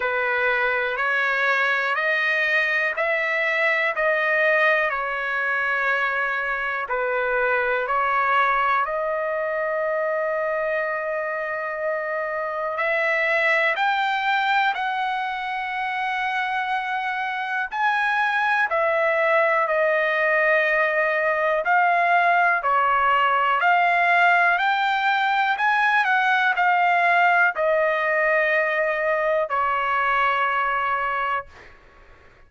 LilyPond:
\new Staff \with { instrumentName = "trumpet" } { \time 4/4 \tempo 4 = 61 b'4 cis''4 dis''4 e''4 | dis''4 cis''2 b'4 | cis''4 dis''2.~ | dis''4 e''4 g''4 fis''4~ |
fis''2 gis''4 e''4 | dis''2 f''4 cis''4 | f''4 g''4 gis''8 fis''8 f''4 | dis''2 cis''2 | }